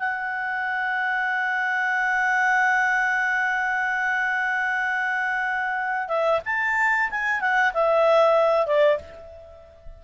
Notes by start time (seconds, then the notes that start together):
0.00 F#5
6.09 E5
6.46 A5
7.11 G#5
7.41 F#5
7.74 E5
8.67 D5